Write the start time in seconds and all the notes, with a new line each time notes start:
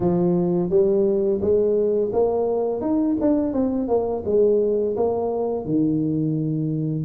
0.00 F3
0.69 G3
1.41 G#3
2.12 A#3
2.81 D#4
3.20 D4
3.53 C4
3.88 A#3
4.25 G#3
4.96 A#3
5.65 D#3